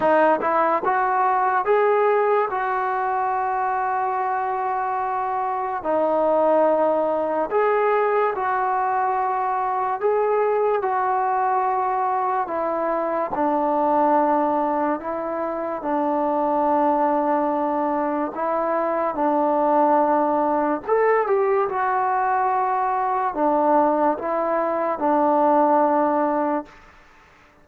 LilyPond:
\new Staff \with { instrumentName = "trombone" } { \time 4/4 \tempo 4 = 72 dis'8 e'8 fis'4 gis'4 fis'4~ | fis'2. dis'4~ | dis'4 gis'4 fis'2 | gis'4 fis'2 e'4 |
d'2 e'4 d'4~ | d'2 e'4 d'4~ | d'4 a'8 g'8 fis'2 | d'4 e'4 d'2 | }